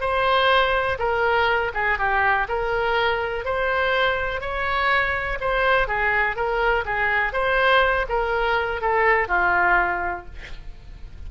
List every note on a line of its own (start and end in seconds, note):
0.00 0.98 C5
0.98 1.71 A#4
1.74 1.98 G#4
1.98 2.47 G4
2.48 3.45 A#4
3.45 4.40 C5
4.40 5.38 C#5
5.40 5.87 C5
5.87 6.35 G#4
6.35 6.84 A#4
6.85 7.32 G#4
7.32 8.06 C5
8.08 8.81 A#4
8.81 9.28 A4
9.28 10.25 F4